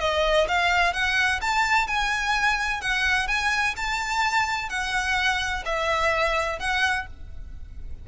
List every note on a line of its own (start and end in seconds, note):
0.00 0.47 D#5
0.48 0.93 F5
0.93 1.41 F#5
1.41 1.87 A5
1.87 2.81 G#5
2.81 3.28 F#5
3.28 3.75 G#5
3.76 4.69 A5
4.69 5.63 F#5
5.65 6.59 E5
6.59 7.07 F#5